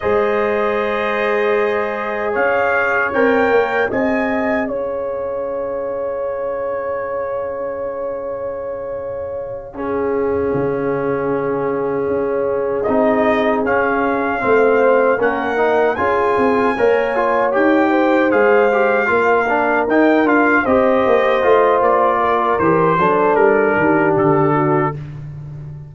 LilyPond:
<<
  \new Staff \with { instrumentName = "trumpet" } { \time 4/4 \tempo 4 = 77 dis''2. f''4 | g''4 gis''4 f''2~ | f''1~ | f''1~ |
f''8 dis''4 f''2 fis''8~ | fis''8 gis''2 g''4 f''8~ | f''4. g''8 f''8 dis''4. | d''4 c''4 ais'4 a'4 | }
  \new Staff \with { instrumentName = "horn" } { \time 4/4 c''2. cis''4~ | cis''4 dis''4 cis''2~ | cis''1~ | cis''8 gis'2.~ gis'8~ |
gis'2~ gis'8 c''4 ais'8~ | ais'8 gis'4 cis''4. c''4~ | c''8 ais'2 c''4.~ | c''8 ais'4 a'4 g'4 fis'8 | }
  \new Staff \with { instrumentName = "trombone" } { \time 4/4 gis'1 | ais'4 gis'2.~ | gis'1~ | gis'8 cis'2.~ cis'8~ |
cis'8 dis'4 cis'4 c'4 cis'8 | dis'8 f'4 ais'8 f'8 g'4 gis'8 | g'8 f'8 d'8 dis'8 f'8 g'4 f'8~ | f'4 g'8 d'2~ d'8 | }
  \new Staff \with { instrumentName = "tuba" } { \time 4/4 gis2. cis'4 | c'8 ais8 c'4 cis'2~ | cis'1~ | cis'4. cis2 cis'8~ |
cis'8 c'4 cis'4 a4 ais8~ | ais8 cis'8 c'8 ais4 dis'4 gis8~ | gis8 ais4 dis'8 d'8 c'8 ais8 a8 | ais4 e8 fis8 g8 dis8 d4 | }
>>